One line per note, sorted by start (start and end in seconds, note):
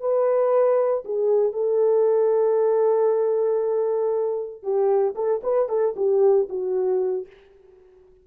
0.00 1.03 B4
1.05 1.53 G#4
1.53 4.63 A4
4.63 5.15 G4
5.15 5.41 A4
5.43 5.69 B4
5.69 5.95 A4
5.96 6.48 G4
6.49 7.27 F#4